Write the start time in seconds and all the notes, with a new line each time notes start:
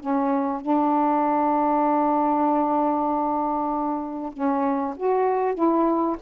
0.00 C#4
0.61 D4
4.33 C#4
4.96 F#4
5.54 E4